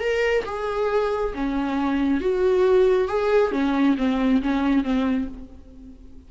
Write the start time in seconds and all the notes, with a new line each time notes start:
0.00 A#4
0.45 G#4
1.34 C#4
2.20 F#4
3.08 G#4
3.52 C#4
3.97 C4
4.42 C#4
4.83 C4